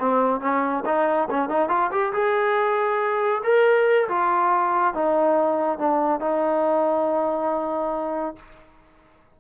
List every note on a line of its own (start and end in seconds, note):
0.00 0.41 C4
0.41 0.84 C#4
0.86 1.29 D#4
1.31 1.49 C#4
1.49 1.70 D#4
1.70 1.91 F4
1.92 2.13 G4
2.13 3.43 G#4
3.44 4.09 A#4
4.09 4.95 F4
4.95 5.79 D#4
5.79 6.21 D4
6.21 8.36 D#4